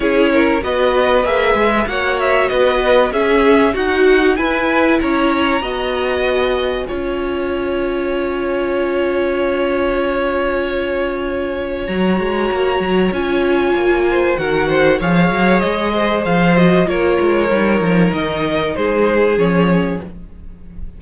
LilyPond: <<
  \new Staff \with { instrumentName = "violin" } { \time 4/4 \tempo 4 = 96 cis''4 dis''4 e''4 fis''8 e''8 | dis''4 e''4 fis''4 gis''4 | ais''2 gis''2~ | gis''1~ |
gis''2. ais''4~ | ais''4 gis''2 fis''4 | f''4 dis''4 f''8 dis''8 cis''4~ | cis''4 dis''4 c''4 cis''4 | }
  \new Staff \with { instrumentName = "violin" } { \time 4/4 gis'8 ais'8 b'2 cis''4 | b'4 gis'4 fis'4 b'4 | cis''4 dis''2 cis''4~ | cis''1~ |
cis''1~ | cis''2~ cis''8 c''8 ais'8 c''8 | cis''4. c''4. ais'4~ | ais'2 gis'2 | }
  \new Staff \with { instrumentName = "viola" } { \time 4/4 e'4 fis'4 gis'4 fis'4~ | fis'4 cis'4 fis'4 e'4~ | e'4 fis'2 f'4~ | f'1~ |
f'2. fis'4~ | fis'4 f'2 fis'4 | gis'2~ gis'8 fis'8 f'4 | dis'2. cis'4 | }
  \new Staff \with { instrumentName = "cello" } { \time 4/4 cis'4 b4 ais8 gis8 ais4 | b4 cis'4 dis'4 e'4 | cis'4 b2 cis'4~ | cis'1~ |
cis'2. fis8 gis8 | ais8 fis8 cis'4 ais4 dis4 | f8 fis8 gis4 f4 ais8 gis8 | g8 f8 dis4 gis4 f4 | }
>>